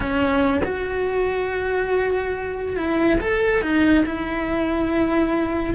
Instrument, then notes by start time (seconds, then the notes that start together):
cello
0.00 C#4
0.64 F#4
2.76 E4
3.20 A4
3.61 D#4
4.05 E4